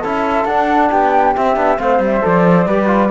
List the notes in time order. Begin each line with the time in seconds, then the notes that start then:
0.00 C#4 E4 A4 E5
0.44 D4 F#5
0.90 B3 G4 G5
1.35 C4 E5
1.55 B3 D4
1.77 A3 C4 C5 F5
1.98 G3
2.05 E5
2.21 F3 A4 D5
2.66 G3 G4 B4
2.86 F4